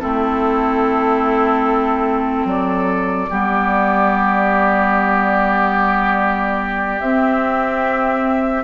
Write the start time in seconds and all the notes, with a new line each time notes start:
0.00 A3 C4 E4 A4
2.45 F#3 A4 D5
3.30 G3 B3 G4
7.01 C4 E5